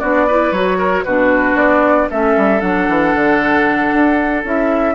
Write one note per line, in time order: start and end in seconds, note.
0.00 0.52 B3
0.00 0.29 D4
0.00 0.26 F#4
0.00 0.52 D5
0.28 0.54 E4
0.28 0.78 B4
0.52 1.04 F#3
0.52 1.06 F#4
0.52 1.04 C#5
0.78 1.04 A#4
1.05 1.55 B2
1.05 2.11 D4
1.05 2.09 F#4
1.05 1.57 B4
1.55 2.08 B3
1.55 2.09 D5
2.10 2.37 A3
2.10 2.59 C#4
2.10 4.95 A4
2.10 2.61 E5
2.37 2.62 G3
2.59 2.88 F#3
2.59 4.42 D4
2.59 4.44 F#5
2.89 3.15 E3
3.15 3.93 D3
3.93 4.44 D4
4.44 4.95 C#4
4.44 4.95 E4
4.44 4.95 E5